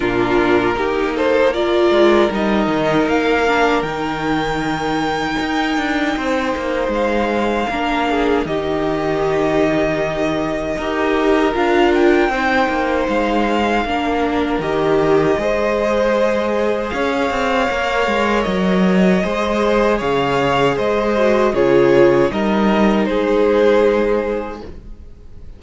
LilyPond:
<<
  \new Staff \with { instrumentName = "violin" } { \time 4/4 \tempo 4 = 78 ais'4. c''8 d''4 dis''4 | f''4 g''2.~ | g''4 f''2 dis''4~ | dis''2. f''8 g''8~ |
g''4 f''2 dis''4~ | dis''2 f''2 | dis''2 f''4 dis''4 | cis''4 dis''4 c''2 | }
  \new Staff \with { instrumentName = "violin" } { \time 4/4 f'4 g'8 a'8 ais'2~ | ais'1 | c''2 ais'8 gis'8 g'4~ | g'2 ais'2 |
c''2 ais'2 | c''2 cis''2~ | cis''4 c''4 cis''4 c''4 | gis'4 ais'4 gis'2 | }
  \new Staff \with { instrumentName = "viola" } { \time 4/4 d'4 dis'4 f'4 dis'4~ | dis'8 d'8 dis'2.~ | dis'2 d'4 dis'4~ | dis'2 g'4 f'4 |
dis'2 d'4 g'4 | gis'2. ais'4~ | ais'4 gis'2~ gis'8 fis'8 | f'4 dis'2. | }
  \new Staff \with { instrumentName = "cello" } { \time 4/4 ais,4 ais4. gis8 g8 dis8 | ais4 dis2 dis'8 d'8 | c'8 ais8 gis4 ais4 dis4~ | dis2 dis'4 d'4 |
c'8 ais8 gis4 ais4 dis4 | gis2 cis'8 c'8 ais8 gis8 | fis4 gis4 cis4 gis4 | cis4 g4 gis2 | }
>>